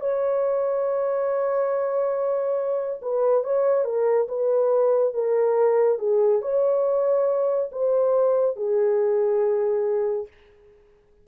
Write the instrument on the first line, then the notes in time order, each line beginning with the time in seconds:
horn
0.00 C#5
3.02 B4
3.44 C#5
3.85 A#4
4.28 B4
5.14 A#4
5.99 G#4
6.42 C#5
7.72 C5
8.56 G#4